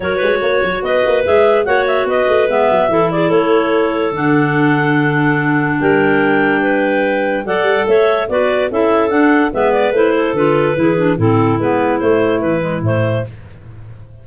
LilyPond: <<
  \new Staff \with { instrumentName = "clarinet" } { \time 4/4 \tempo 4 = 145 cis''2 dis''4 e''4 | fis''8 e''8 dis''4 e''4. d''8 | cis''2 fis''2~ | fis''2 g''2~ |
g''2 fis''4 e''4 | d''4 e''4 fis''4 e''8 d''8 | c''4 b'2 a'4 | b'4 c''4 b'4 c''4 | }
  \new Staff \with { instrumentName = "clarinet" } { \time 4/4 ais'8 b'8 cis''4 b'2 | cis''4 b'2 a'8 gis'8 | a'1~ | a'2 ais'2 |
b'2 d''4 cis''4 | b'4 a'2 b'4~ | b'8 a'4. gis'4 e'4~ | e'1 | }
  \new Staff \with { instrumentName = "clarinet" } { \time 4/4 fis'2. gis'4 | fis'2 b4 e'4~ | e'2 d'2~ | d'1~ |
d'2 a'2 | fis'4 e'4 d'4 b4 | e'4 f'4 e'8 d'8 c'4 | b4 a4. gis8 a4 | }
  \new Staff \with { instrumentName = "tuba" } { \time 4/4 fis8 gis8 ais8 fis8 b8 ais8 gis4 | ais4 b8 a8 gis8 fis8 e4 | a2 d2~ | d2 g2~ |
g2 fis8 g8 a4 | b4 cis'4 d'4 gis4 | a4 d4 e4 a,4 | gis4 a4 e4 a,4 | }
>>